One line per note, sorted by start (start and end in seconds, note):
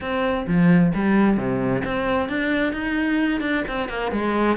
0.00 0.46 C4
0.47 0.92 F3
0.94 1.37 G3
1.37 1.83 C3
1.84 2.28 C4
2.28 2.72 D4
2.72 3.41 D#4
3.41 3.63 D4
3.68 3.88 C4
3.88 4.11 A#3
4.11 4.56 G#3